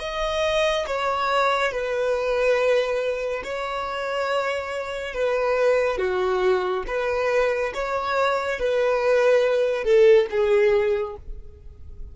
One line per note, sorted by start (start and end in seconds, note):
0.00 0.86 D#5
0.87 1.72 C#5
1.72 3.43 B4
3.44 5.14 C#5
5.14 5.98 B4
5.98 6.84 F#4
6.87 7.73 B4
7.74 8.59 C#5
8.59 9.84 B4
9.84 10.27 A4
10.31 11.16 G#4